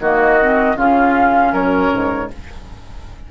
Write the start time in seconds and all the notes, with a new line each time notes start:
0.00 D#3 A#3 F#4 D#5
0.41 C4
0.76 C#3 C#4 F4 F5
1.53 F#2 A#4 C#5
1.94 G#2